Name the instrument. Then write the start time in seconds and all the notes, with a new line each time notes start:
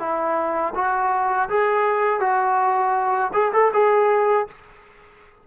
trombone
0.00 E4
0.75 F#4
1.49 G#4
2.20 F#4
3.34 G#4
3.53 A4
3.74 G#4